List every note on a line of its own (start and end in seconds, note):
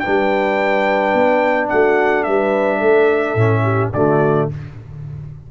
0.00 3.38 D4
0.00 1.71 B4
0.00 1.67 G5
0.07 1.14 G3
1.14 1.69 B3
1.69 2.28 A3
1.69 2.26 F#4
1.69 2.24 F#5
2.24 2.82 G3
2.24 2.78 B4
2.24 3.90 E5
2.78 3.35 A3
2.78 3.61 A4
3.35 3.91 A2
3.35 3.93 C#4
3.63 3.91 G4
3.93 4.49 D3
3.93 4.51 A3
3.93 4.50 F#4
3.93 4.49 D5